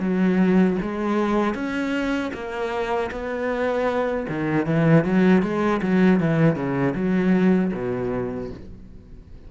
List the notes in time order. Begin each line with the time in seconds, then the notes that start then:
0.00 F#3
0.82 G#3
1.55 C#4
2.34 A#3
3.11 B3
4.29 D#3
4.66 E3
5.05 F#3
5.42 G#3
5.82 F#3
6.20 E3
6.56 C#3
6.95 F#3
7.73 B2